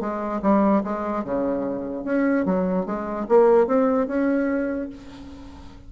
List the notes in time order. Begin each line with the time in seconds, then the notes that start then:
0.00 G#3
0.42 G3
0.83 G#3
1.24 C#3
2.04 C#4
2.45 F#3
2.85 G#3
3.29 A#3
3.67 C4
4.07 C#4